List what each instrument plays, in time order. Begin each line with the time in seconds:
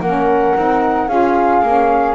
0.00 double bass A#3, saxophone C#4, flute A#4 F#5
0.56 double bass C4, saxophone D#4
1.08 double bass C#4, saxophone F4, flute G#4 F5
1.62 double bass A#3, saxophone C#4